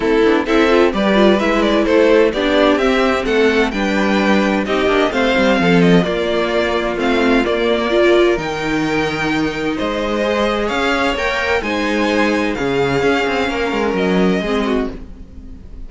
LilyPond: <<
  \new Staff \with { instrumentName = "violin" } { \time 4/4 \tempo 4 = 129 a'4 e''4 d''4 e''8 d''8 | c''4 d''4 e''4 fis''4 | g''2 dis''4 f''4~ | f''8 dis''8 d''2 f''4 |
d''2 g''2~ | g''4 dis''2 f''4 | g''4 gis''2 f''4~ | f''2 dis''2 | }
  \new Staff \with { instrumentName = "violin" } { \time 4/4 e'4 a'4 b'2 | a'4 g'2 a'4 | b'2 g'4 c''4 | a'4 f'2.~ |
f'4 ais'2.~ | ais'4 c''2 cis''4~ | cis''4 c''2 gis'4~ | gis'4 ais'2 gis'8 fis'8 | }
  \new Staff \with { instrumentName = "viola" } { \time 4/4 c'8 d'8 e'8 f'8 g'8 f'8 e'4~ | e'4 d'4 c'2 | d'2 dis'8 d'8 c'4~ | c'4 ais2 c'4 |
ais4 f'4 dis'2~ | dis'2 gis'2 | ais'4 dis'2 cis'4~ | cis'2. c'4 | }
  \new Staff \with { instrumentName = "cello" } { \time 4/4 a8 b8 c'4 g4 gis4 | a4 b4 c'4 a4 | g2 c'8 ais8 a8 g8 | f4 ais2 a4 |
ais2 dis2~ | dis4 gis2 cis'4 | ais4 gis2 cis4 | cis'8 c'8 ais8 gis8 fis4 gis4 | }
>>